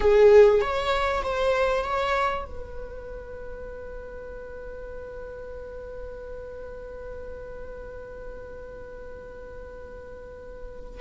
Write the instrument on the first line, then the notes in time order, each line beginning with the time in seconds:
viola
0.00 G#4
0.61 C#5
1.23 C5
1.84 C#5
2.45 B4